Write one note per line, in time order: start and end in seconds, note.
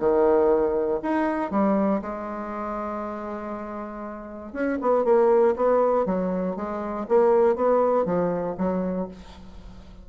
0.00 1.01 D#3
1.03 1.51 D#4
1.51 2.02 G3
2.02 4.53 G#3
4.53 4.78 C#4
4.82 5.05 B3
5.05 5.55 A#3
5.56 6.06 B3
6.06 6.56 F#3
6.56 7.07 G#3
7.09 7.56 A#3
7.56 8.06 B3
8.06 8.56 F3
8.58 9.08 F#3